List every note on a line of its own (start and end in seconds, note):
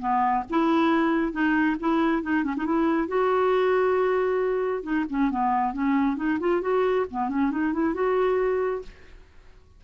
0.00 0.44 B3
0.50 1.33 E4
1.33 1.77 D#4
1.80 2.23 E4
2.23 2.44 D#4
2.44 2.55 C#4
2.57 2.66 D#4
2.66 3.08 E4
3.08 4.83 F#4
4.83 5.05 D#4
5.10 5.31 C#4
5.31 5.74 B3
5.74 6.17 C#4
6.17 6.39 D#4
6.40 6.62 F4
6.62 7.06 F#4
7.11 7.30 B3
7.30 7.51 C#4
7.51 7.73 D#4
7.73 7.94 E4
7.94 8.83 F#4